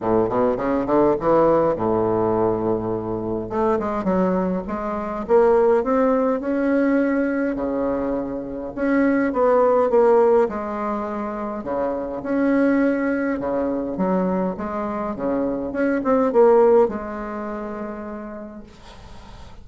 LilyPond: \new Staff \with { instrumentName = "bassoon" } { \time 4/4 \tempo 4 = 103 a,8 b,8 cis8 d8 e4 a,4~ | a,2 a8 gis8 fis4 | gis4 ais4 c'4 cis'4~ | cis'4 cis2 cis'4 |
b4 ais4 gis2 | cis4 cis'2 cis4 | fis4 gis4 cis4 cis'8 c'8 | ais4 gis2. | }